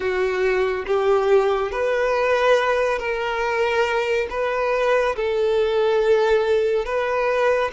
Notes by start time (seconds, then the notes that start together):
0.00 F#4
0.86 G4
1.71 B4
2.98 A#4
4.30 B4
5.16 A4
6.85 B4